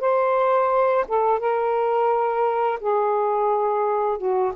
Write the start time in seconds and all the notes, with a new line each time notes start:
0.00 C5
1.08 A4
1.39 A#4
2.80 G#4
4.18 F#4